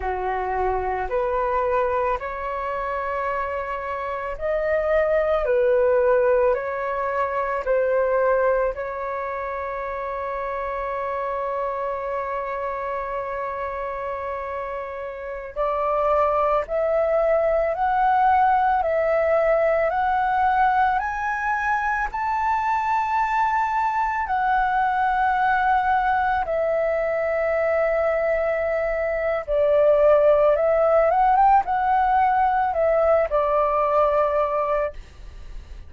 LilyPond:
\new Staff \with { instrumentName = "flute" } { \time 4/4 \tempo 4 = 55 fis'4 b'4 cis''2 | dis''4 b'4 cis''4 c''4 | cis''1~ | cis''2~ cis''16 d''4 e''8.~ |
e''16 fis''4 e''4 fis''4 gis''8.~ | gis''16 a''2 fis''4.~ fis''16~ | fis''16 e''2~ e''8. d''4 | e''8 fis''16 g''16 fis''4 e''8 d''4. | }